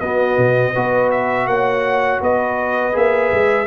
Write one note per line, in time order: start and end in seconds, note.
0.00 0.37 B3
0.00 0.75 B3
0.00 0.72 F#4
0.00 1.10 D#5
0.37 0.74 B2
0.72 1.47 B3
0.72 2.92 F#4
0.72 1.45 B4
1.11 1.47 E5
1.47 2.20 A#3
1.47 2.21 C#5
1.47 2.20 F#5
2.21 2.94 B3
2.21 3.66 B4
2.21 2.96 D#5
2.92 3.32 A#3
2.92 3.65 G#4
2.92 3.66 E5
3.32 3.66 G#3